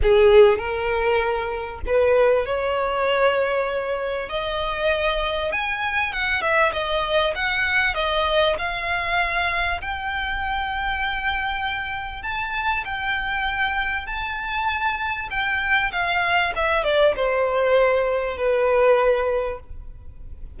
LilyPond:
\new Staff \with { instrumentName = "violin" } { \time 4/4 \tempo 4 = 98 gis'4 ais'2 b'4 | cis''2. dis''4~ | dis''4 gis''4 fis''8 e''8 dis''4 | fis''4 dis''4 f''2 |
g''1 | a''4 g''2 a''4~ | a''4 g''4 f''4 e''8 d''8 | c''2 b'2 | }